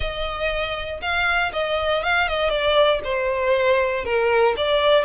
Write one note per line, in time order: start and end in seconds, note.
0.00 1.00 D#5
1.01 1.52 F5
1.52 2.03 D#5
2.03 2.28 F5
2.28 2.49 D#5
2.49 3.00 D5
3.04 4.05 C5
4.05 4.55 A#4
4.56 5.04 D5